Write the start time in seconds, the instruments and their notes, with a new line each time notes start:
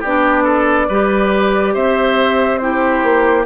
0.00 bassoon B3, clarinet D4, oboe G4, flute D5
0.44 oboe A4
0.88 bassoon G3, clarinet G4, oboe B4
1.73 bassoon C4, oboe C5, flute E5
2.57 clarinet E4, oboe G4, flute C5
3.03 bassoon A#3